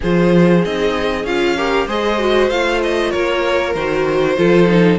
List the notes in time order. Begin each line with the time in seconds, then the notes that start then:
0.00 F3 F4 G#4 C5
0.61 C4 D#4 D#5
1.23 C#4 F4 F5
1.55 G4 A#4
1.87 G#3 G#4 C5 D#5
2.19 F#4
2.50 A3 F4 F5
2.82 D#5
3.11 A#3 A#4 C#5
3.74 D#3 F#4 C5
4.37 F3 F4 A4
4.67 D#4